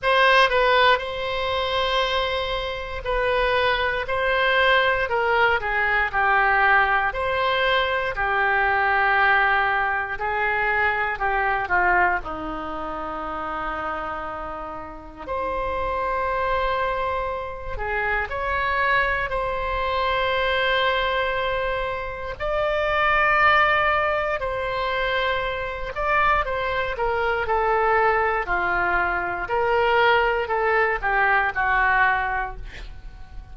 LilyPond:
\new Staff \with { instrumentName = "oboe" } { \time 4/4 \tempo 4 = 59 c''8 b'8 c''2 b'4 | c''4 ais'8 gis'8 g'4 c''4 | g'2 gis'4 g'8 f'8 | dis'2. c''4~ |
c''4. gis'8 cis''4 c''4~ | c''2 d''2 | c''4. d''8 c''8 ais'8 a'4 | f'4 ais'4 a'8 g'8 fis'4 | }